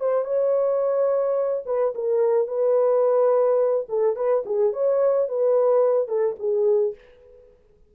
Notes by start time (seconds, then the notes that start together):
0.00 C5
0.24 C#5
1.66 B4
1.95 A#4
2.48 B4
3.89 A4
4.16 B4
4.46 G#4
4.73 C#5
5.29 B4
6.08 A4
6.39 G#4